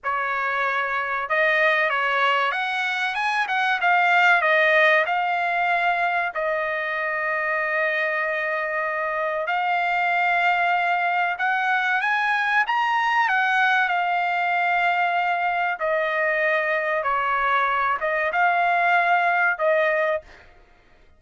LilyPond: \new Staff \with { instrumentName = "trumpet" } { \time 4/4 \tempo 4 = 95 cis''2 dis''4 cis''4 | fis''4 gis''8 fis''8 f''4 dis''4 | f''2 dis''2~ | dis''2. f''4~ |
f''2 fis''4 gis''4 | ais''4 fis''4 f''2~ | f''4 dis''2 cis''4~ | cis''8 dis''8 f''2 dis''4 | }